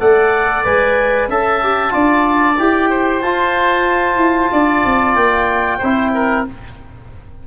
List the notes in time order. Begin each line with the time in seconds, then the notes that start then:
0.00 A3 A4 D5 F#5
0.65 G#3 B4 G#5
1.29 C#4 A4 E5 A5
1.63 G4
1.91 D4 F4 D5
2.58 E4 G4 G5
2.90 C5
3.22 F4 A5
4.17 E4
4.53 D4 D5
4.85 C4
5.15 A#3 G5
5.78 C4 E4 C5
6.15 A#4